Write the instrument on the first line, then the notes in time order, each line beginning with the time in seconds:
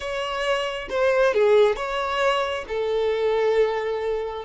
violin
0.00 C#5
0.89 C5
1.34 G#4
1.76 C#5
2.67 A4